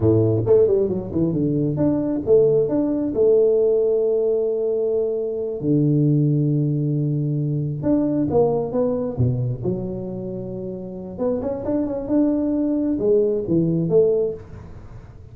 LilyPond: \new Staff \with { instrumentName = "tuba" } { \time 4/4 \tempo 4 = 134 a,4 a8 g8 fis8 e8 d4 | d'4 a4 d'4 a4~ | a1~ | a8 d2.~ d8~ |
d4. d'4 ais4 b8~ | b8 b,4 fis2~ fis8~ | fis4 b8 cis'8 d'8 cis'8 d'4~ | d'4 gis4 e4 a4 | }